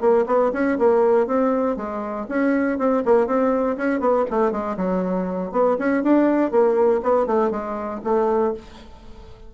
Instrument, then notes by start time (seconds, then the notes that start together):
bassoon
0.00 A#3
0.26 B3
0.53 C#4
0.78 A#3
1.26 C4
1.76 G#3
2.29 C#4
2.78 C4
3.05 A#3
3.27 C4
3.77 C#4
4.00 B3
4.30 A3
4.51 G#3
4.76 F#3
5.51 B3
5.79 C#4
6.03 D4
6.51 A#3
7.02 B3
7.26 A3
7.50 G#3
8.03 A3